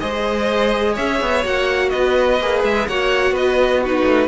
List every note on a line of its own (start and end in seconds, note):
0.00 0.98 G#3
0.00 1.44 G#4
0.00 0.94 C5
0.00 0.95 D#5
0.94 1.21 C#4
0.94 1.89 C#5
0.94 1.45 E5
1.21 1.45 B3
1.44 1.93 A#3
1.44 2.39 F#4
1.44 1.90 F#5
1.90 2.40 B3
1.90 2.89 B4
1.90 2.61 D#5
2.40 2.64 A#3
2.40 2.90 G#4
2.64 2.88 G#3
2.64 2.88 E5
2.88 3.32 A#3
2.88 3.85 F#4
2.88 3.33 C#5
2.88 3.36 F#5
3.32 4.03 B3
3.32 3.81 B4
3.32 3.84 D#5
3.82 4.28 D#4
3.82 4.28 F#4
3.82 4.28 B4
4.05 4.28 A3